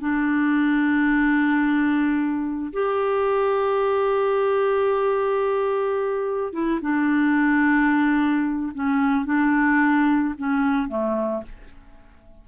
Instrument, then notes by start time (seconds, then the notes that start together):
clarinet
0.00 D4
2.73 G4
6.53 E4
6.82 D4
8.75 C#4
9.25 D4
10.38 C#4
10.88 A3